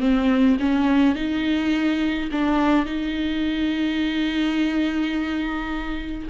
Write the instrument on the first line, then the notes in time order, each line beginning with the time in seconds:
viola
0.00 C4
0.60 C#4
1.15 D#4
2.31 D4
2.85 D#4